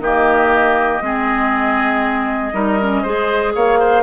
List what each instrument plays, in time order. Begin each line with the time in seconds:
0.00 bassoon D#3, clarinet A#3, oboe G4, flute D#5
1.01 bassoon G#3, clarinet C4, oboe G#4
2.53 bassoon G3, clarinet D#4, oboe A#4
2.81 clarinet C#4
3.02 bassoon G#3, clarinet G#4, oboe C5
3.55 bassoon A#3, oboe C#5, flute F5
3.79 oboe C5